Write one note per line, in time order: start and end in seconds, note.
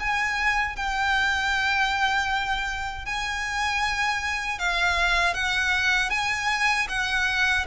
0.00 0.76 G#5
0.76 3.06 G5
3.06 4.59 G#5
4.59 5.34 F5
5.34 6.10 F#5
6.10 6.87 G#5
6.89 7.66 F#5